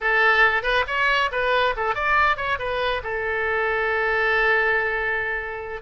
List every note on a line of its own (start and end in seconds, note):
0.00 0.63 A4
0.63 0.84 B4
0.87 1.30 C#5
1.31 1.74 B4
1.76 1.94 A4
1.94 2.37 D5
2.37 2.58 C#5
2.58 3.01 B4
3.03 5.81 A4